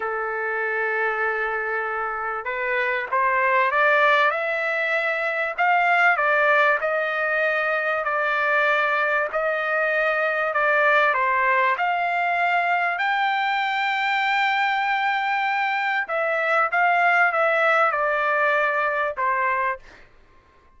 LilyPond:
\new Staff \with { instrumentName = "trumpet" } { \time 4/4 \tempo 4 = 97 a'1 | b'4 c''4 d''4 e''4~ | e''4 f''4 d''4 dis''4~ | dis''4 d''2 dis''4~ |
dis''4 d''4 c''4 f''4~ | f''4 g''2.~ | g''2 e''4 f''4 | e''4 d''2 c''4 | }